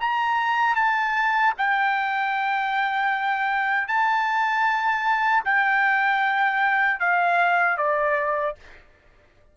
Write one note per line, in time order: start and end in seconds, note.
0.00 0.75 A#5
0.75 1.53 A5
1.58 3.87 G5
3.87 5.43 A5
5.44 7.00 G5
7.00 7.77 F5
7.77 8.55 D5